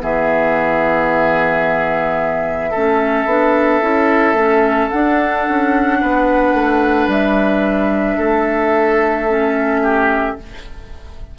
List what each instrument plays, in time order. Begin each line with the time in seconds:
0.00 bassoon E3, clarinet B3, oboe G#4, flute E5
2.71 bassoon A3, clarinet C#4, oboe A4
3.25 bassoon B3, clarinet D4
3.81 bassoon C#4, clarinet E4
4.34 bassoon A3, clarinet C#4
4.90 clarinet D4, bassoon D4, flute F#5
5.48 bassoon C#4
6.01 bassoon B3, oboe B4
6.54 bassoon A3
7.07 bassoon G3, flute E5
8.17 bassoon A3, oboe A4
9.29 clarinet C#4
9.82 oboe G4